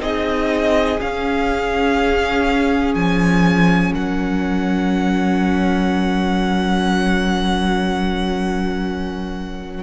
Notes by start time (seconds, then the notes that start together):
0.00 C4 D#4 G#4 D#5
0.99 C#4 F5
2.95 F3 G#5
3.94 F#3 A#4 F#5